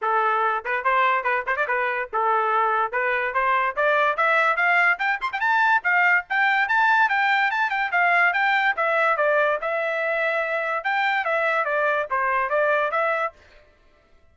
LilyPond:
\new Staff \with { instrumentName = "trumpet" } { \time 4/4 \tempo 4 = 144 a'4. b'8 c''4 b'8 c''16 d''16 | b'4 a'2 b'4 | c''4 d''4 e''4 f''4 | g''8 c'''16 g''16 a''4 f''4 g''4 |
a''4 g''4 a''8 g''8 f''4 | g''4 e''4 d''4 e''4~ | e''2 g''4 e''4 | d''4 c''4 d''4 e''4 | }